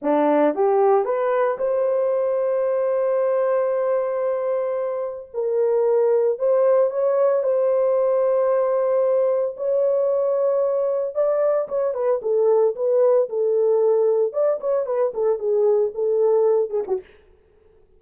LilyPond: \new Staff \with { instrumentName = "horn" } { \time 4/4 \tempo 4 = 113 d'4 g'4 b'4 c''4~ | c''1~ | c''2 ais'2 | c''4 cis''4 c''2~ |
c''2 cis''2~ | cis''4 d''4 cis''8 b'8 a'4 | b'4 a'2 d''8 cis''8 | b'8 a'8 gis'4 a'4. gis'16 fis'16 | }